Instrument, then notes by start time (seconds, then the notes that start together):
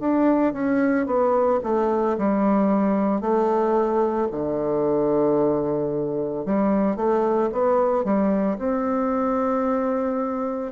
bassoon
0.00 D4
0.53 C#4
1.06 B3
1.63 A3
2.18 G3
3.21 A3
4.31 D3
6.46 G3
6.96 A3
7.52 B3
8.05 G3
8.58 C4